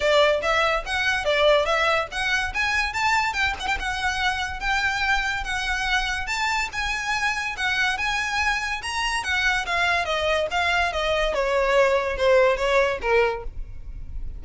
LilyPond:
\new Staff \with { instrumentName = "violin" } { \time 4/4 \tempo 4 = 143 d''4 e''4 fis''4 d''4 | e''4 fis''4 gis''4 a''4 | g''8 fis''16 g''16 fis''2 g''4~ | g''4 fis''2 a''4 |
gis''2 fis''4 gis''4~ | gis''4 ais''4 fis''4 f''4 | dis''4 f''4 dis''4 cis''4~ | cis''4 c''4 cis''4 ais'4 | }